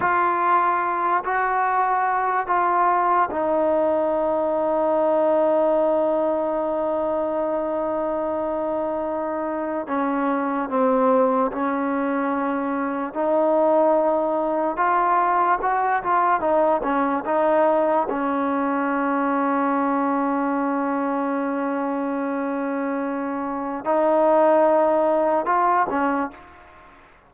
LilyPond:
\new Staff \with { instrumentName = "trombone" } { \time 4/4 \tempo 4 = 73 f'4. fis'4. f'4 | dis'1~ | dis'1 | cis'4 c'4 cis'2 |
dis'2 f'4 fis'8 f'8 | dis'8 cis'8 dis'4 cis'2~ | cis'1~ | cis'4 dis'2 f'8 cis'8 | }